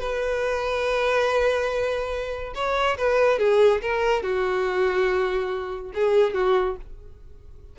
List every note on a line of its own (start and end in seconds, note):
0.00 2.54 B4
2.55 2.97 C#5
2.98 3.39 B4
3.39 3.81 G#4
3.81 4.23 A#4
4.23 5.92 F#4
5.94 6.34 G#4
6.34 6.76 F#4